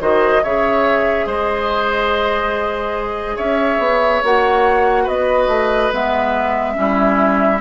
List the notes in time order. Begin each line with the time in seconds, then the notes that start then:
0.00 D#3 F#4 C5 D#5
0.43 C#3 G#4 C#5 E5
1.26 G#3 C5 D#5
3.36 C#4 C#5 E5
3.79 B3
4.23 A#3 F#4 F#5
5.04 B3 B4 D#5
5.48 A3
5.93 G#3 B3 E5
6.74 G3 C#4 E4